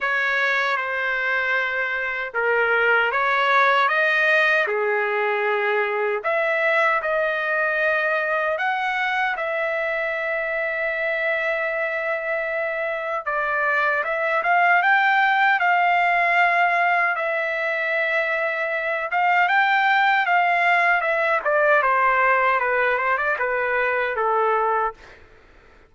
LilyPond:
\new Staff \with { instrumentName = "trumpet" } { \time 4/4 \tempo 4 = 77 cis''4 c''2 ais'4 | cis''4 dis''4 gis'2 | e''4 dis''2 fis''4 | e''1~ |
e''4 d''4 e''8 f''8 g''4 | f''2 e''2~ | e''8 f''8 g''4 f''4 e''8 d''8 | c''4 b'8 c''16 d''16 b'4 a'4 | }